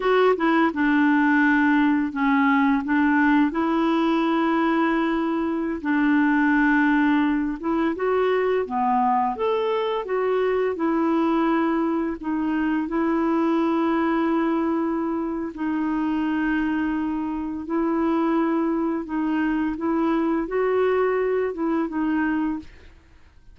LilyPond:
\new Staff \with { instrumentName = "clarinet" } { \time 4/4 \tempo 4 = 85 fis'8 e'8 d'2 cis'4 | d'4 e'2.~ | e'16 d'2~ d'8 e'8 fis'8.~ | fis'16 b4 a'4 fis'4 e'8.~ |
e'4~ e'16 dis'4 e'4.~ e'16~ | e'2 dis'2~ | dis'4 e'2 dis'4 | e'4 fis'4. e'8 dis'4 | }